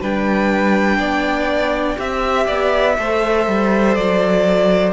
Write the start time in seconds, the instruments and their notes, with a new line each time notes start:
0.00 cello G3, viola D4, violin B4 G5
0.98 cello B3, violin D5
1.96 cello C4, viola G4, violin E5
2.03 violin E5
2.46 cello B3, violin D5
2.98 cello A3, viola A4, violin C5
3.47 cello G3
3.95 cello F#3, violin D5